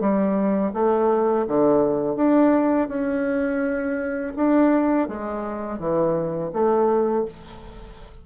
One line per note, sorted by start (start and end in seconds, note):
0.00 0.72 G3
0.74 1.46 A3
1.47 2.16 D3
2.16 2.88 D4
2.88 4.33 C#4
4.36 5.08 D4
5.08 5.79 G#3
5.79 6.51 E3
6.53 7.25 A3